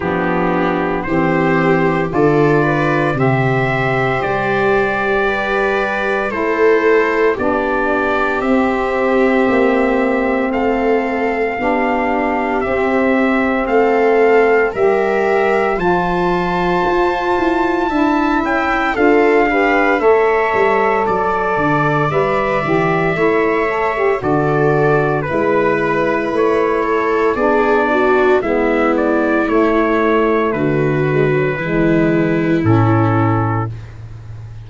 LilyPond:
<<
  \new Staff \with { instrumentName = "trumpet" } { \time 4/4 \tempo 4 = 57 g'4 c''4 d''4 e''4 | d''2 c''4 d''4 | e''2 f''2 | e''4 f''4 e''4 a''4~ |
a''4. g''8 f''4 e''4 | d''4 e''2 d''4 | b'4 cis''4 d''4 e''8 d''8 | cis''4 b'2 a'4 | }
  \new Staff \with { instrumentName = "viola" } { \time 4/4 d'4 g'4 a'8 b'8 c''4~ | c''4 b'4 a'4 g'4~ | g'2 a'4 g'4~ | g'4 a'4 ais'4 c''4~ |
c''4 e''4 a'8 b'8 cis''4 | d''2 cis''4 a'4 | b'4. a'8 gis'8 fis'8 e'4~ | e'4 fis'4 e'2 | }
  \new Staff \with { instrumentName = "saxophone" } { \time 4/4 b4 c'4 f'4 g'4~ | g'2 e'4 d'4 | c'2. d'4 | c'2 g'4 f'4~ |
f'4 e'4 f'8 g'8 a'4~ | a'4 b'8 g'8 e'8 a'16 g'16 fis'4 | e'2 d'4 b4 | a4. gis16 fis16 gis4 cis'4 | }
  \new Staff \with { instrumentName = "tuba" } { \time 4/4 f4 e4 d4 c4 | g2 a4 b4 | c'4 ais4 a4 b4 | c'4 a4 g4 f4 |
f'8 e'8 d'8 cis'8 d'4 a8 g8 | fis8 d8 g8 e8 a4 d4 | gis4 a4 b4 gis4 | a4 d4 e4 a,4 | }
>>